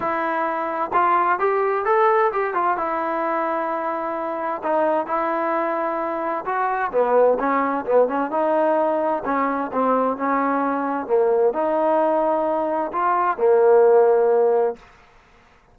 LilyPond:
\new Staff \with { instrumentName = "trombone" } { \time 4/4 \tempo 4 = 130 e'2 f'4 g'4 | a'4 g'8 f'8 e'2~ | e'2 dis'4 e'4~ | e'2 fis'4 b4 |
cis'4 b8 cis'8 dis'2 | cis'4 c'4 cis'2 | ais4 dis'2. | f'4 ais2. | }